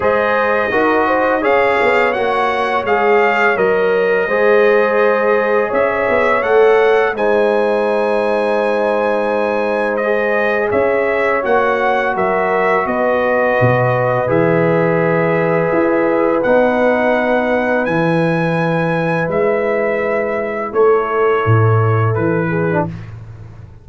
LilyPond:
<<
  \new Staff \with { instrumentName = "trumpet" } { \time 4/4 \tempo 4 = 84 dis''2 f''4 fis''4 | f''4 dis''2. | e''4 fis''4 gis''2~ | gis''2 dis''4 e''4 |
fis''4 e''4 dis''2 | e''2. fis''4~ | fis''4 gis''2 e''4~ | e''4 cis''2 b'4 | }
  \new Staff \with { instrumentName = "horn" } { \time 4/4 c''4 ais'8 c''8 cis''2~ | cis''2 c''2 | cis''2 c''2~ | c''2. cis''4~ |
cis''4 ais'4 b'2~ | b'1~ | b'1~ | b'4 a'2~ a'8 gis'8 | }
  \new Staff \with { instrumentName = "trombone" } { \time 4/4 gis'4 fis'4 gis'4 fis'4 | gis'4 ais'4 gis'2~ | gis'4 a'4 dis'2~ | dis'2 gis'2 |
fis'1 | gis'2. dis'4~ | dis'4 e'2.~ | e'2.~ e'8. d'16 | }
  \new Staff \with { instrumentName = "tuba" } { \time 4/4 gis4 dis'4 cis'8 b8 ais4 | gis4 fis4 gis2 | cis'8 b8 a4 gis2~ | gis2. cis'4 |
ais4 fis4 b4 b,4 | e2 e'4 b4~ | b4 e2 gis4~ | gis4 a4 a,4 e4 | }
>>